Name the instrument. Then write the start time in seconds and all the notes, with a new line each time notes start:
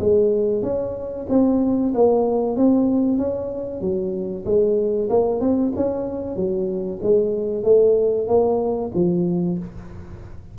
tuba
0.00 G#3
0.63 C#4
1.29 C4
1.95 A#3
2.57 C4
3.18 C#4
3.81 F#3
4.46 G#3
5.10 A#3
5.41 C4
5.76 C#4
6.36 F#3
7.03 G#3
7.64 A3
8.28 A#3
8.95 F3